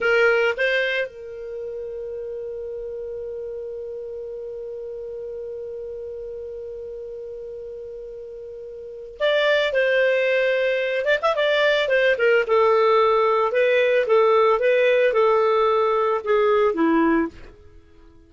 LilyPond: \new Staff \with { instrumentName = "clarinet" } { \time 4/4 \tempo 4 = 111 ais'4 c''4 ais'2~ | ais'1~ | ais'1~ | ais'1~ |
ais'4 d''4 c''2~ | c''8 d''16 e''16 d''4 c''8 ais'8 a'4~ | a'4 b'4 a'4 b'4 | a'2 gis'4 e'4 | }